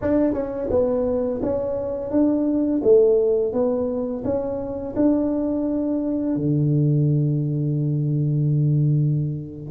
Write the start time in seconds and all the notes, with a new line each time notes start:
0.01 D4
0.33 C#4
0.70 B3
1.42 C#4
2.10 D4
2.83 A3
3.52 B3
4.24 C#4
4.96 D4
6.35 D3